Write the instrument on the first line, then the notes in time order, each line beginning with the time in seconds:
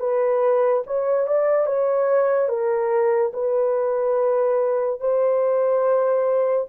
horn
0.00 B4
0.87 C#5
1.27 D5
1.67 C#5
2.49 A#4
3.34 B4
5.01 C5